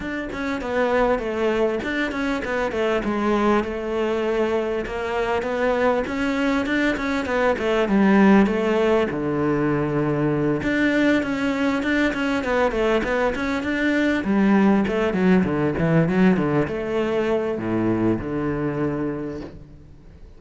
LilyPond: \new Staff \with { instrumentName = "cello" } { \time 4/4 \tempo 4 = 99 d'8 cis'8 b4 a4 d'8 cis'8 | b8 a8 gis4 a2 | ais4 b4 cis'4 d'8 cis'8 | b8 a8 g4 a4 d4~ |
d4. d'4 cis'4 d'8 | cis'8 b8 a8 b8 cis'8 d'4 g8~ | g8 a8 fis8 d8 e8 fis8 d8 a8~ | a4 a,4 d2 | }